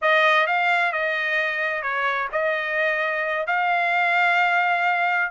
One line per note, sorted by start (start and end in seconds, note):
0.01 0.47 D#5
0.47 0.92 F5
0.92 1.82 D#5
1.82 2.28 C#5
2.31 3.46 D#5
3.46 5.31 F5